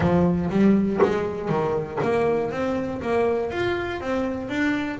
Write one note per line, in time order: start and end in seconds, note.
0.00 0.49 F3
0.50 1.00 G3
1.02 1.49 G#3
1.49 1.99 D#3
2.02 2.51 A#3
2.51 3.01 C4
3.01 3.50 A#3
3.50 4.00 F4
4.00 4.49 C4
4.49 4.99 D4